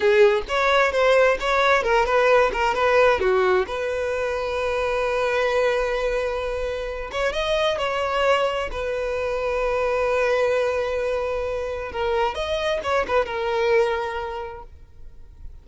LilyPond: \new Staff \with { instrumentName = "violin" } { \time 4/4 \tempo 4 = 131 gis'4 cis''4 c''4 cis''4 | ais'8 b'4 ais'8 b'4 fis'4 | b'1~ | b'2.~ b'8 cis''8 |
dis''4 cis''2 b'4~ | b'1~ | b'2 ais'4 dis''4 | cis''8 b'8 ais'2. | }